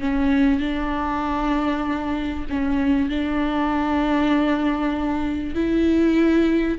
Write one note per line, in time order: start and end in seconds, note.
0.00 0.60 C#4
0.60 2.46 D4
2.50 3.09 C#4
3.09 5.55 D4
5.55 6.78 E4